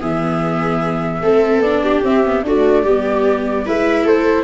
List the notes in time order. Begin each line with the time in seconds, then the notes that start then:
0.00 E3 B3 G#4 E5
1.22 A3 C4 A4
1.59 B3 D4 D5
1.83 G4
2.03 C4 E5
2.25 B3
2.43 A3 D4 F#4 D5
2.83 G3 B3 G4
3.66 G#3 E4 B4 E5
4.04 A3 A4 C5